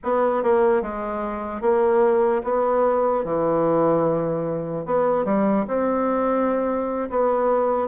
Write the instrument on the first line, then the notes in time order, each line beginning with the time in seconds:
bassoon
0.03 B3
0.43 A#3
0.81 G#3
1.61 A#3
2.43 B3
3.24 E3
4.85 B3
5.24 G3
5.67 C4
7.10 B3